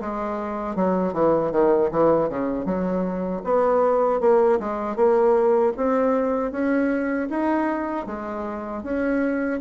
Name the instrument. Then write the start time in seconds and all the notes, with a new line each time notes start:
bassoon
0.00 G#3
0.75 F#3
1.13 E3
1.51 D#3
1.91 E3
2.29 C#3
2.65 F#3
3.44 B3
4.20 A#3
4.59 G#3
4.96 A#3
5.77 C4
6.51 C#4
7.29 D#4
8.06 G#3
8.83 C#4